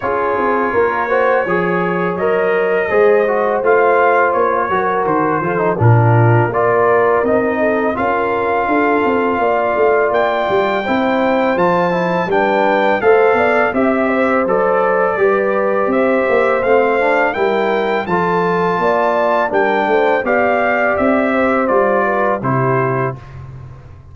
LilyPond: <<
  \new Staff \with { instrumentName = "trumpet" } { \time 4/4 \tempo 4 = 83 cis''2. dis''4~ | dis''4 f''4 cis''4 c''4 | ais'4 d''4 dis''4 f''4~ | f''2 g''2 |
a''4 g''4 f''4 e''4 | d''2 e''4 f''4 | g''4 a''2 g''4 | f''4 e''4 d''4 c''4 | }
  \new Staff \with { instrumentName = "horn" } { \time 4/4 gis'4 ais'8 c''8 cis''2 | c''2~ c''8 ais'4 a'8 | f'4 ais'4. a'8 ais'4 | a'4 d''2 c''4~ |
c''4 b'4 c''8 d''8 e''8 c''8~ | c''4 b'4 c''2 | ais'4 a'4 d''4 ais'8 c''8 | d''4. c''4 b'8 g'4 | }
  \new Staff \with { instrumentName = "trombone" } { \time 4/4 f'4. fis'8 gis'4 ais'4 | gis'8 fis'8 f'4. fis'4 f'16 dis'16 | d'4 f'4 dis'4 f'4~ | f'2. e'4 |
f'8 e'8 d'4 a'4 g'4 | a'4 g'2 c'8 d'8 | e'4 f'2 d'4 | g'2 f'4 e'4 | }
  \new Staff \with { instrumentName = "tuba" } { \time 4/4 cis'8 c'8 ais4 f4 fis4 | gis4 a4 ais8 fis8 dis8 f8 | ais,4 ais4 c'4 cis'4 | d'8 c'8 ais8 a8 ais8 g8 c'4 |
f4 g4 a8 b8 c'4 | fis4 g4 c'8 ais8 a4 | g4 f4 ais4 g8 a8 | b4 c'4 g4 c4 | }
>>